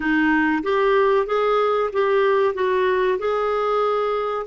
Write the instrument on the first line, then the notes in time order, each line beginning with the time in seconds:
clarinet
0.00 D#4
0.63 G4
1.26 G#4
1.92 G4
2.54 F#4
3.19 G#4